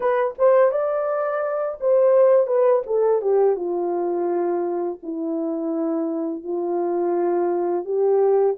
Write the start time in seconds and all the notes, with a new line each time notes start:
0.00 B4
0.38 C5
0.71 D5
1.80 C5
2.46 B4
2.86 A4
3.21 G4
3.56 F4
5.02 E4
6.43 F4
7.84 G4